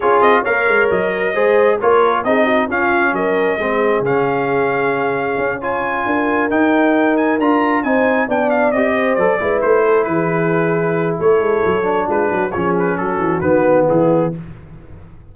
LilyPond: <<
  \new Staff \with { instrumentName = "trumpet" } { \time 4/4 \tempo 4 = 134 cis''8 dis''8 f''4 dis''2 | cis''4 dis''4 f''4 dis''4~ | dis''4 f''2.~ | f''8 gis''2 g''4. |
gis''8 ais''4 gis''4 g''8 f''8 dis''8~ | dis''8 d''4 c''4 b'4.~ | b'4 cis''2 b'4 | cis''8 b'8 a'4 b'4 gis'4 | }
  \new Staff \with { instrumentName = "horn" } { \time 4/4 gis'4 cis''2 c''4 | ais'4 gis'8 fis'8 f'4 ais'4 | gis'1~ | gis'8 cis''4 ais'2~ ais'8~ |
ais'4. c''4 d''4. | c''4 b'4 a'8 gis'4.~ | gis'4 a'2 f'8 fis'8 | gis'4 fis'2 e'4 | }
  \new Staff \with { instrumentName = "trombone" } { \time 4/4 f'4 ais'2 gis'4 | f'4 dis'4 cis'2 | c'4 cis'2.~ | cis'8 f'2 dis'4.~ |
dis'8 f'4 dis'4 d'4 g'8~ | g'8 a'8 e'2.~ | e'2~ e'8 d'4. | cis'2 b2 | }
  \new Staff \with { instrumentName = "tuba" } { \time 4/4 cis'8 c'8 ais8 gis8 fis4 gis4 | ais4 c'4 cis'4 fis4 | gis4 cis2. | cis'4. d'4 dis'4.~ |
dis'8 d'4 c'4 b4 c'8~ | c'8 fis8 gis8 a4 e4.~ | e4 a8 gis8 fis4 gis8 fis8 | f4 fis8 e8 dis4 e4 | }
>>